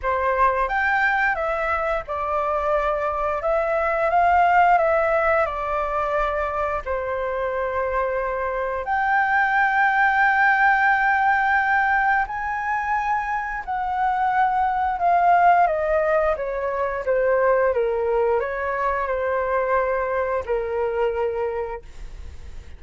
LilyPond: \new Staff \with { instrumentName = "flute" } { \time 4/4 \tempo 4 = 88 c''4 g''4 e''4 d''4~ | d''4 e''4 f''4 e''4 | d''2 c''2~ | c''4 g''2.~ |
g''2 gis''2 | fis''2 f''4 dis''4 | cis''4 c''4 ais'4 cis''4 | c''2 ais'2 | }